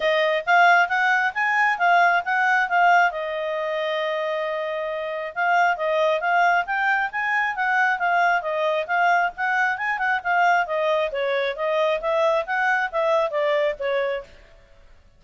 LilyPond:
\new Staff \with { instrumentName = "clarinet" } { \time 4/4 \tempo 4 = 135 dis''4 f''4 fis''4 gis''4 | f''4 fis''4 f''4 dis''4~ | dis''1 | f''4 dis''4 f''4 g''4 |
gis''4 fis''4 f''4 dis''4 | f''4 fis''4 gis''8 fis''8 f''4 | dis''4 cis''4 dis''4 e''4 | fis''4 e''4 d''4 cis''4 | }